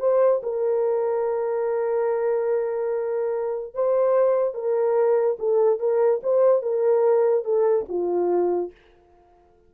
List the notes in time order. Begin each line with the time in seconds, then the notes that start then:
0.00 C5
0.43 A#4
3.74 C5
4.54 A#4
5.39 A4
5.80 A#4
6.23 C5
6.62 A#4
7.45 A4
7.89 F4